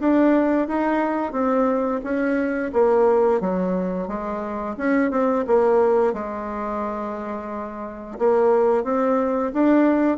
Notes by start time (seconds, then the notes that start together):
0.00 D4
0.68 D#4
1.33 C4
2.04 C#4
2.73 A#3
3.41 F#3
4.08 G#3
4.78 C#4
5.11 C4
5.47 A#3
6.14 G#3
8.19 A#3
8.84 C4
9.54 D4